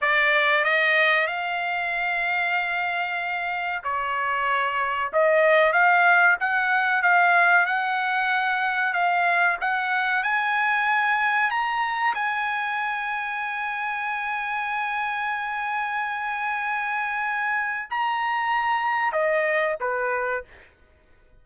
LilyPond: \new Staff \with { instrumentName = "trumpet" } { \time 4/4 \tempo 4 = 94 d''4 dis''4 f''2~ | f''2 cis''2 | dis''4 f''4 fis''4 f''4 | fis''2 f''4 fis''4 |
gis''2 ais''4 gis''4~ | gis''1~ | gis''1 | ais''2 dis''4 b'4 | }